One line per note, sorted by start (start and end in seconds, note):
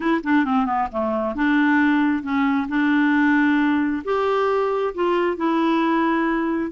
0.00 0.21 E4
0.23 0.44 D4
0.44 0.65 C4
0.65 0.87 B3
0.91 1.35 A3
1.35 2.22 D4
2.22 2.67 C#4
2.68 4.02 D4
4.04 4.94 G4
4.94 5.36 F4
5.36 6.71 E4